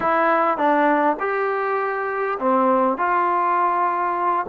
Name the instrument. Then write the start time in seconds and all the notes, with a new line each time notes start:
trombone
0.00 E4
0.57 D4
1.19 G4
2.39 C4
2.97 F4